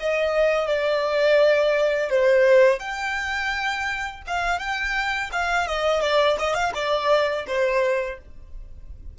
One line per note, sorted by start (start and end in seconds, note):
0.00 0.67 D#5
0.67 2.10 D5
2.10 2.80 C5
2.80 4.22 G5
4.27 4.59 F5
4.59 5.31 G5
5.32 5.67 F5
5.67 6.01 D#5
6.01 6.37 D5
6.39 6.55 D#5
6.55 6.72 F5
6.75 7.46 D5
7.47 8.19 C5